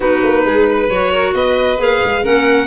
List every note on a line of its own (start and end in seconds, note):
0.00 0.20 B3
0.00 0.88 D#4
0.00 0.44 F#4
0.00 0.89 B4
0.23 0.45 A#3
0.45 0.89 G#3
0.45 0.68 G#4
0.68 1.11 B4
0.89 1.34 F#3
0.89 1.77 F#4
0.89 1.33 C#5
1.11 1.34 A#4
1.34 1.78 B3
1.34 2.22 B4
1.34 1.79 D#5
1.77 2.00 A#3
1.77 2.22 G#4
1.77 2.25 F5
2.03 2.25 G#3
2.22 2.67 A#3
2.22 2.67 C#4
2.22 2.67 A#4
2.22 2.67 F#5